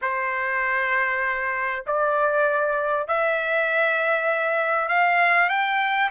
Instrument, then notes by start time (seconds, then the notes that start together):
trumpet
0.01 C5
1.86 D5
3.08 E5
4.88 F5
5.49 G5